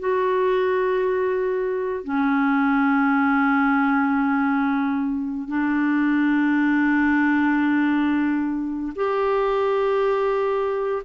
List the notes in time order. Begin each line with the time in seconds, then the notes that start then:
0.00 F#4
2.04 C#4
5.48 D4
8.96 G4